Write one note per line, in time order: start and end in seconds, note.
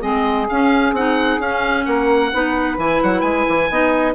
0.00 0.48 G#3
0.00 0.47 C4
0.00 1.83 G#4
0.00 0.47 D#5
0.49 0.96 C#4
0.49 0.92 C#4
0.49 0.95 F5
0.92 1.38 C4
0.92 1.42 D#4
0.92 1.41 F#5
1.39 1.85 C#4
1.39 2.32 C#4
1.39 1.85 F5
1.85 2.33 A#3
1.85 2.30 A#4
1.85 2.77 F#5
2.32 2.77 B3
2.32 2.78 D#4
2.32 3.70 B4
2.77 3.00 E3
2.77 3.70 E4
2.77 3.02 G#5
3.03 3.23 F#3
3.03 3.20 F#5
3.20 3.45 G#3
3.20 4.12 G#5
3.48 3.70 E3
3.70 4.15 B3
3.70 4.15 D#4
3.70 4.15 D#5